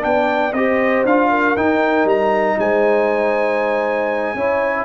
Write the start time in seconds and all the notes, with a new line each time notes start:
0.00 B3 D4 D5 G5
0.52 C4 G4 C5 D#5
1.05 D4 F4 F5
1.30 A#4
1.56 D#4 G5
2.04 G3 A#5
2.59 G#3 C5 G#5
4.34 C#4 E4 C#5